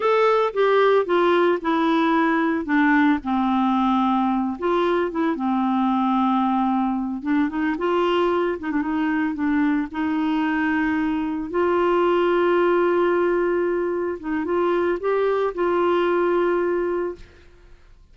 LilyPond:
\new Staff \with { instrumentName = "clarinet" } { \time 4/4 \tempo 4 = 112 a'4 g'4 f'4 e'4~ | e'4 d'4 c'2~ | c'8 f'4 e'8 c'2~ | c'4. d'8 dis'8 f'4. |
dis'16 d'16 dis'4 d'4 dis'4.~ | dis'4. f'2~ f'8~ | f'2~ f'8 dis'8 f'4 | g'4 f'2. | }